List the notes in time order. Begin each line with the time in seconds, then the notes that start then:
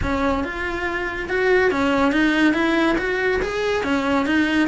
0.02 C#4
0.44 F4
1.29 F#4
1.71 C#4
2.12 D#4
2.53 E4
2.98 F#4
3.42 G#4
3.83 C#4
4.26 D#4